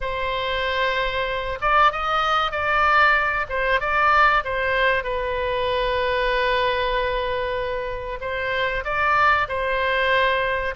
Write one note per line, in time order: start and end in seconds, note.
0.01 1.58 C5
1.61 1.91 D5
1.91 2.51 D#5
2.51 3.46 D5
3.49 3.80 C5
3.80 4.43 D5
4.44 5.03 C5
5.03 8.19 B4
8.20 8.83 C5
8.84 9.47 D5
9.48 10.74 C5